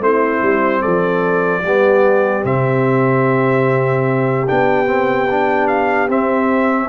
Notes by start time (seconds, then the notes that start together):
0.00 A3 C4 E4 C5
0.43 G3
0.81 F3 A4 D5
1.63 G3 B3 G4
2.45 C3 C4 E5
4.48 B3 D4 G5
4.86 C4
5.31 D4
5.68 F5
6.09 C4 E5